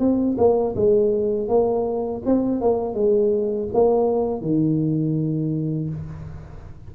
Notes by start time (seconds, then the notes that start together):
0.00 C4
0.38 A#3
0.76 G#3
1.49 A#3
2.26 C4
2.62 A#3
2.95 G#3
3.74 A#3
4.42 D#3